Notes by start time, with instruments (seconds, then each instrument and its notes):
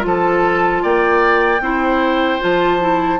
0.00 bassoon F3, clarinet F4, flute A5
0.06 oboe A4
0.83 bassoon A#3, oboe D5, flute G5
1.60 bassoon C4, clarinet E4, oboe C5
2.40 bassoon F3, clarinet F4, flute A5
2.80 clarinet E4